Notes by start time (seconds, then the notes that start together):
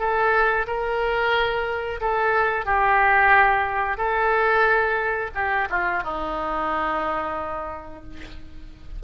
0.00 A4
0.67 A#4
2.01 A4
2.66 G4
3.98 A4
5.35 G4
5.70 F4
6.04 D#4